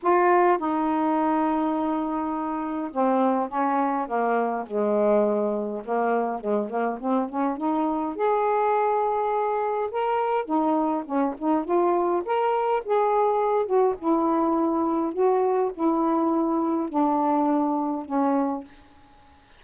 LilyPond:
\new Staff \with { instrumentName = "saxophone" } { \time 4/4 \tempo 4 = 103 f'4 dis'2.~ | dis'4 c'4 cis'4 ais4 | gis2 ais4 gis8 ais8 | c'8 cis'8 dis'4 gis'2~ |
gis'4 ais'4 dis'4 cis'8 dis'8 | f'4 ais'4 gis'4. fis'8 | e'2 fis'4 e'4~ | e'4 d'2 cis'4 | }